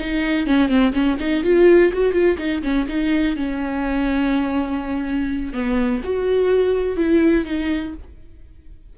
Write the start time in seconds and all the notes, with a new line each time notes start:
0.00 D#4
0.47 C#4
0.69 C4
0.93 C#4
1.20 D#4
1.44 F4
1.93 F#4
2.13 F4
2.38 D#4
2.63 C#4
2.89 D#4
3.37 C#4
5.53 B3
6.04 F#4
6.97 E4
7.45 D#4